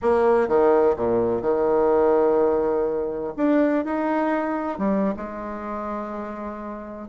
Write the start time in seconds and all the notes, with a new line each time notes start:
0.02 A#3
0.48 D#3
0.96 A#2
1.41 D#3
3.36 D4
3.84 D#4
4.78 G3
5.16 G#3